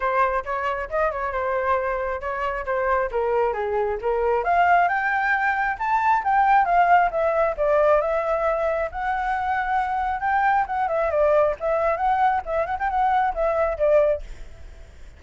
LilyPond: \new Staff \with { instrumentName = "flute" } { \time 4/4 \tempo 4 = 135 c''4 cis''4 dis''8 cis''8 c''4~ | c''4 cis''4 c''4 ais'4 | gis'4 ais'4 f''4 g''4~ | g''4 a''4 g''4 f''4 |
e''4 d''4 e''2 | fis''2. g''4 | fis''8 e''8 d''4 e''4 fis''4 | e''8 fis''16 g''16 fis''4 e''4 d''4 | }